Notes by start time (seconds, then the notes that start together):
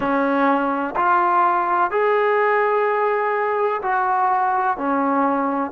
0.00 C#4
0.96 F4
1.90 G#4
3.82 F#4
4.77 C#4